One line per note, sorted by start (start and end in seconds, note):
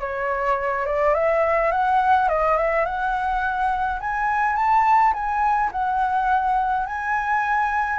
0.00 0.85 C#5
0.85 1.14 D5
1.14 1.71 E5
1.71 2.28 F#5
2.29 2.57 D#5
2.57 2.85 E5
2.85 3.99 F#5
4.00 4.56 G#5
4.56 5.13 A5
5.13 5.70 G#5
5.72 6.86 F#5
6.86 7.99 G#5